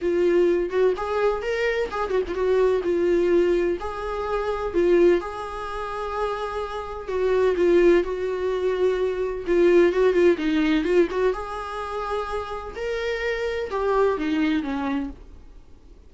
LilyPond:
\new Staff \with { instrumentName = "viola" } { \time 4/4 \tempo 4 = 127 f'4. fis'8 gis'4 ais'4 | gis'8 fis'16 f'16 fis'4 f'2 | gis'2 f'4 gis'4~ | gis'2. fis'4 |
f'4 fis'2. | f'4 fis'8 f'8 dis'4 f'8 fis'8 | gis'2. ais'4~ | ais'4 g'4 dis'4 cis'4 | }